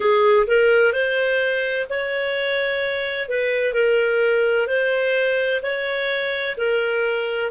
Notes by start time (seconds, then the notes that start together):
0.00 G#4
0.46 A#4
0.92 C5
1.89 C#5
3.29 B4
3.73 A#4
4.67 C5
5.62 C#5
6.57 A#4